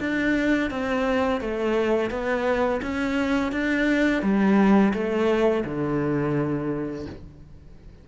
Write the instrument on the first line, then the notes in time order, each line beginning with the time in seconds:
cello
0.00 D4
0.70 C4
1.41 A3
2.10 B3
2.82 C#4
3.52 D4
4.22 G3
4.93 A3
5.65 D3